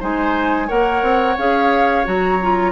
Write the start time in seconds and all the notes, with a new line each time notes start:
0.00 G#3 D#4 C5 G#5
0.68 A#3 A#4 C#5 F#5
1.02 C4
1.38 C#4 G#4 F5
2.05 F#3 F#4 A#5
2.42 F4